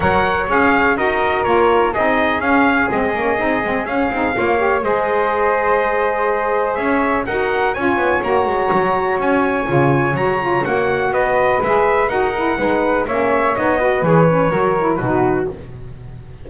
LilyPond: <<
  \new Staff \with { instrumentName = "trumpet" } { \time 4/4 \tempo 4 = 124 fis''4 f''4 dis''4 cis''4 | dis''4 f''4 dis''2 | f''2 dis''2~ | dis''2 e''4 fis''4 |
gis''4 ais''2 gis''4~ | gis''4 ais''4 fis''4 dis''4 | e''4 fis''2 e''4 | dis''4 cis''2 b'4 | }
  \new Staff \with { instrumentName = "flute" } { \time 4/4 cis''2 ais'2 | gis'1~ | gis'4 cis''4 c''2~ | c''2 cis''4 ais'4 |
cis''1~ | cis''2. b'4~ | b'4 ais'4 b'4 cis''4~ | cis''8 b'4. ais'4 fis'4 | }
  \new Staff \with { instrumentName = "saxophone" } { \time 4/4 ais'4 gis'4 fis'4 f'4 | dis'4 cis'4 c'8 cis'8 dis'8 c'8 | cis'8 dis'8 f'8 g'8 gis'2~ | gis'2. fis'4 |
f'4 fis'2. | f'4 fis'8 f'8 fis'2 | gis'4 fis'8 e'8 dis'4 cis'4 | dis'8 fis'8 gis'8 cis'8 fis'8 e'8 dis'4 | }
  \new Staff \with { instrumentName = "double bass" } { \time 4/4 fis4 cis'4 dis'4 ais4 | c'4 cis'4 gis8 ais8 c'8 gis8 | cis'8 c'8 ais4 gis2~ | gis2 cis'4 dis'4 |
cis'8 b8 ais8 gis8 fis4 cis'4 | cis4 fis4 ais4 b4 | gis4 dis'4 gis4 ais4 | b4 e4 fis4 b,4 | }
>>